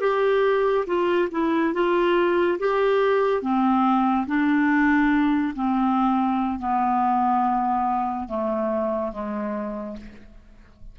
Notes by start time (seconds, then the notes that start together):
0.00 G4
0.86 F4
1.31 E4
1.73 F4
2.59 G4
3.42 C4
4.26 D4
5.54 C4
6.59 B3
8.28 A3
9.12 G#3